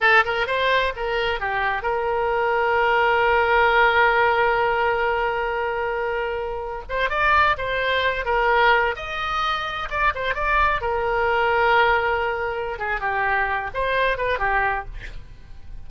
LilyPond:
\new Staff \with { instrumentName = "oboe" } { \time 4/4 \tempo 4 = 129 a'8 ais'8 c''4 ais'4 g'4 | ais'1~ | ais'1~ | ais'2~ ais'8. c''8 d''8.~ |
d''16 c''4. ais'4. dis''8.~ | dis''4~ dis''16 d''8 c''8 d''4 ais'8.~ | ais'2.~ ais'8 gis'8 | g'4. c''4 b'8 g'4 | }